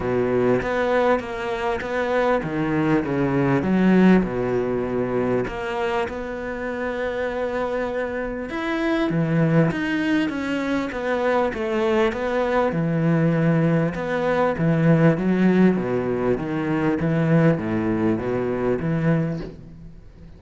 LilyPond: \new Staff \with { instrumentName = "cello" } { \time 4/4 \tempo 4 = 99 b,4 b4 ais4 b4 | dis4 cis4 fis4 b,4~ | b,4 ais4 b2~ | b2 e'4 e4 |
dis'4 cis'4 b4 a4 | b4 e2 b4 | e4 fis4 b,4 dis4 | e4 a,4 b,4 e4 | }